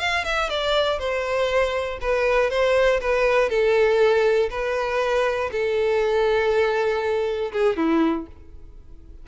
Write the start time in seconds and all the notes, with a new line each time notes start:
0.00 F5
0.25 E5
0.50 D5
1.00 C5
2.01 B4
2.51 C5
3.01 B4
3.50 A4
4.51 B4
5.52 A4
7.53 G#4
7.77 E4